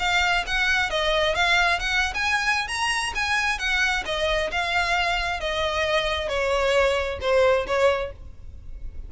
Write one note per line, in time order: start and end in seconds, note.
0.00 0.45 F5
0.47 0.91 F#5
0.91 1.35 D#5
1.35 1.80 F5
1.80 2.14 F#5
2.14 2.68 G#5
2.68 3.13 A#5
3.15 3.59 G#5
3.59 4.04 F#5
4.06 4.51 D#5
4.52 5.41 F5
5.41 6.29 D#5
6.29 7.19 C#5
7.21 7.67 C5
7.67 8.12 C#5